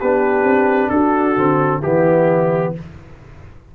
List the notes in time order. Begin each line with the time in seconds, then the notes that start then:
0.00 B3 D4 G4 B4
0.44 C4
0.90 D4 F#4 A4
1.37 D3 C4
1.81 E3 B3 E4 G4